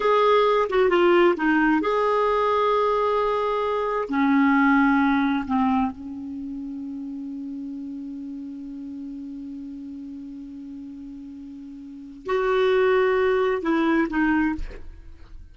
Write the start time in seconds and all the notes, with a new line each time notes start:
0.00 G#4
0.69 F#4
0.89 F4
1.36 D#4
1.81 G#4
4.08 C#4
5.47 C4
5.91 C#4
12.25 F#4
13.62 E4
14.09 D#4